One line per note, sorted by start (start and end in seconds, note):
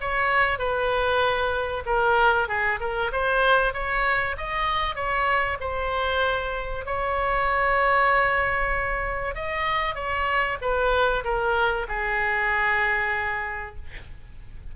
0.00 0.58 C#5
0.58 1.83 B4
1.86 2.48 A#4
2.48 2.79 G#4
2.80 3.11 A#4
3.12 3.73 C5
3.73 4.36 C#5
4.37 4.95 D#5
4.95 5.57 C#5
5.60 6.85 C5
6.85 9.34 C#5
9.34 9.95 D#5
9.95 10.57 C#5
10.61 11.24 B4
11.24 11.86 A#4
11.88 13.75 G#4